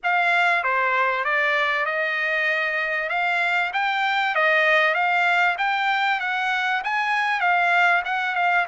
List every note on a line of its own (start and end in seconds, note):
0.03 0.63 F5
0.63 1.24 C5
1.24 1.85 D5
1.85 3.09 D#5
3.09 3.71 F5
3.73 4.35 G5
4.35 4.94 D#5
4.94 5.56 F5
5.58 6.20 G5
6.20 6.82 F#5
6.84 7.40 G#5
7.40 8.02 F5
8.04 8.35 F#5
8.35 8.66 F5